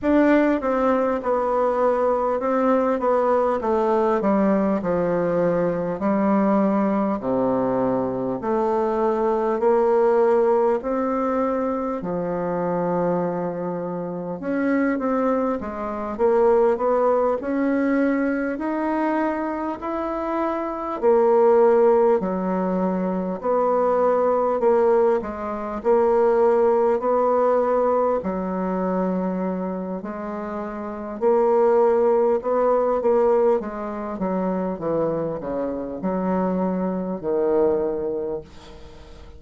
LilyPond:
\new Staff \with { instrumentName = "bassoon" } { \time 4/4 \tempo 4 = 50 d'8 c'8 b4 c'8 b8 a8 g8 | f4 g4 c4 a4 | ais4 c'4 f2 | cis'8 c'8 gis8 ais8 b8 cis'4 dis'8~ |
dis'8 e'4 ais4 fis4 b8~ | b8 ais8 gis8 ais4 b4 fis8~ | fis4 gis4 ais4 b8 ais8 | gis8 fis8 e8 cis8 fis4 dis4 | }